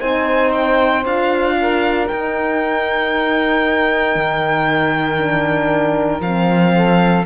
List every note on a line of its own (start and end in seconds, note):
0.00 1.05 C4
0.00 1.04 D#4
0.00 1.55 C5
0.00 0.52 G#5
0.52 1.04 G5
1.05 2.09 D4
1.05 2.09 F4
1.05 2.08 F5
1.61 6.75 A#4
2.08 5.18 D#4
2.08 4.16 D#4
2.08 6.22 G5
4.16 6.20 D#3
5.18 6.21 D4
6.20 7.24 F3
6.20 7.26 C4
6.20 7.25 F5
6.75 7.26 A4